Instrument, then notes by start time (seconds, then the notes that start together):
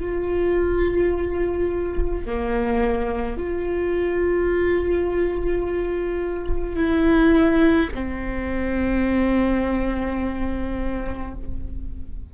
viola
0.00 F4
2.26 A#3
3.38 F4
6.76 E4
7.95 C4